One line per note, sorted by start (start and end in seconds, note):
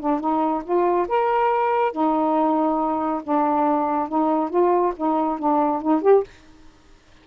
0.00 0.20 D4
0.20 0.64 D#4
0.65 1.08 F4
1.09 1.93 A#4
1.93 3.22 D#4
3.24 4.09 D4
4.09 4.50 D#4
4.50 4.93 F4
4.97 5.40 D#4
5.40 5.82 D4
5.82 6.02 D#4
6.02 6.24 G4